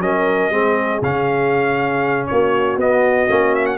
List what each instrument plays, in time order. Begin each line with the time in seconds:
0.00 tuba F#3, trombone C#4, horn A#4, trumpet D#5
0.51 tuba G#3, trombone C4, horn G#4
1.02 tuba C#3, trombone C#4, trumpet F5
2.27 tuba A#3, horn F#4, trumpet C#5
2.77 tuba B3, trombone B3, trumpet D#5
3.29 tuba A#3, trombone C#4
3.55 trumpet E5
3.66 trumpet F#5